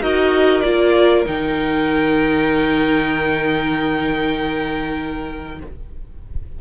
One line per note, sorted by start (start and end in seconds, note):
0.00 0.62 D#4
0.00 0.63 F#4
0.00 5.58 A#4
0.00 0.61 D#5
0.61 1.25 A#3
0.61 1.25 F4
0.61 1.23 D5
1.25 5.60 D#3
1.25 5.58 D#4
1.25 5.59 G5